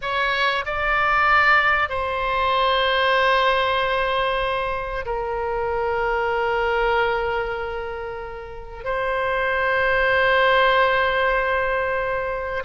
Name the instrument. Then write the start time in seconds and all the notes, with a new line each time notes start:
oboe
0.01 C#5
0.65 D5
1.89 C5
5.05 A#4
8.84 C5